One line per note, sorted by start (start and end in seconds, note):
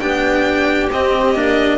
0.00 0.90 B3
0.00 0.90 D4
0.00 1.78 G4
0.00 0.90 G5
0.90 1.35 C4
0.90 1.78 D#5
1.35 1.78 A#3
1.35 1.78 D4